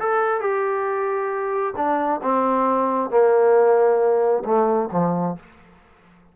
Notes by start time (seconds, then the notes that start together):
0.00 A4
0.41 G4
1.77 D4
2.23 C4
3.11 A#3
4.45 A3
4.92 F3